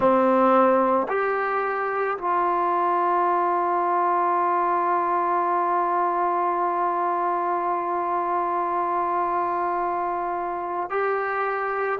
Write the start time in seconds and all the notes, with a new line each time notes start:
0.00 C4
1.08 G4
2.18 F4
10.90 G4